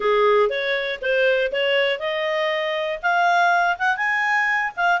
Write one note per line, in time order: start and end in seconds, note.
0.00 0.49 G#4
0.49 0.99 C#5
1.01 1.51 C5
1.51 1.99 C#5
1.99 2.99 D#5
3.02 3.77 F5
3.78 3.97 F#5
3.97 4.72 G#5
4.76 5.00 F5